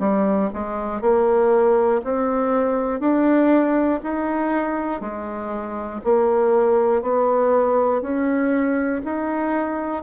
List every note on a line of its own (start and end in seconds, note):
0.00 0.50 G3
0.54 1.02 G#3
1.02 2.02 A#3
2.05 3.00 C4
3.00 4.00 D4
4.04 5.01 D#4
5.01 6.01 G#3
6.04 7.02 A#3
7.02 8.02 B3
8.02 9.02 C#4
9.05 10.03 D#4